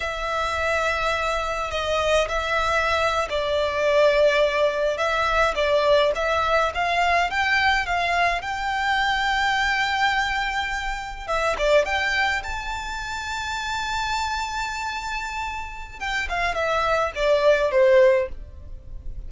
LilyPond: \new Staff \with { instrumentName = "violin" } { \time 4/4 \tempo 4 = 105 e''2. dis''4 | e''4.~ e''16 d''2~ d''16~ | d''8. e''4 d''4 e''4 f''16~ | f''8. g''4 f''4 g''4~ g''16~ |
g''2.~ g''8. e''16~ | e''16 d''8 g''4 a''2~ a''16~ | a''1 | g''8 f''8 e''4 d''4 c''4 | }